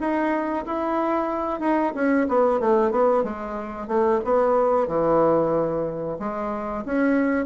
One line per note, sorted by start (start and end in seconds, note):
0.00 0.65 D#4
0.66 1.60 E4
1.60 1.93 D#4
1.94 2.27 C#4
2.29 2.60 B3
2.60 2.91 A3
2.91 3.23 B3
3.24 3.88 G#3
3.88 4.20 A3
4.24 4.88 B3
4.88 6.18 E3
6.19 6.84 G#3
6.85 7.46 C#4